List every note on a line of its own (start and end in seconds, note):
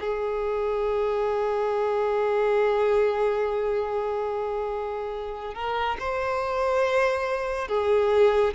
0.00 5.54 G#4
5.54 5.97 A#4
6.00 7.68 C5
7.68 8.54 G#4